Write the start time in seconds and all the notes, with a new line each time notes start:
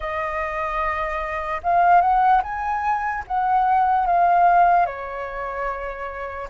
0.00 D#5
1.63 F5
2.00 F#5
2.43 G#5
3.27 F#5
4.06 F5
4.86 C#5